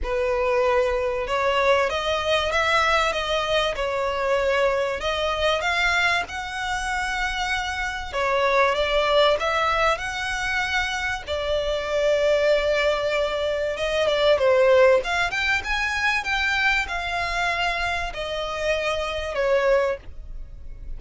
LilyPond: \new Staff \with { instrumentName = "violin" } { \time 4/4 \tempo 4 = 96 b'2 cis''4 dis''4 | e''4 dis''4 cis''2 | dis''4 f''4 fis''2~ | fis''4 cis''4 d''4 e''4 |
fis''2 d''2~ | d''2 dis''8 d''8 c''4 | f''8 g''8 gis''4 g''4 f''4~ | f''4 dis''2 cis''4 | }